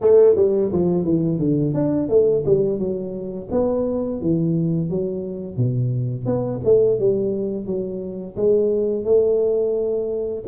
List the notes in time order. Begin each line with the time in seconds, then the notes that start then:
0.01 A3
0.36 G3
0.72 F3
1.04 E3
1.39 D3
1.73 D4
2.09 A3
2.45 G3
2.78 F#3
3.51 B3
4.21 E3
4.90 F#3
5.57 B2
6.25 B3
6.64 A3
6.99 G3
7.66 F#3
8.36 G#3
9.04 A3